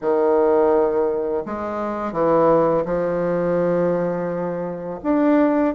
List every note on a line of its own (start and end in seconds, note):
0.01 1.44 D#3
1.45 2.12 G#3
2.12 2.83 E3
2.85 4.99 F3
5.03 5.74 D4